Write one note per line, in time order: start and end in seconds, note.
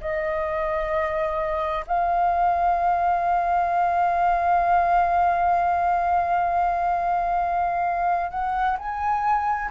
0.00 1.85 D#5
1.87 8.30 F5
8.30 8.77 F#5
8.78 9.70 G#5